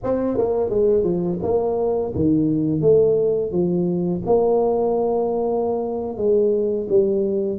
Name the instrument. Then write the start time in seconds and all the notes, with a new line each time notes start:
tuba
0.03 C4
0.37 A#3
0.69 G#3
1.03 F3
1.42 A#3
2.15 D#3
2.81 A3
3.51 F3
4.26 A#3
6.17 G#3
6.89 G3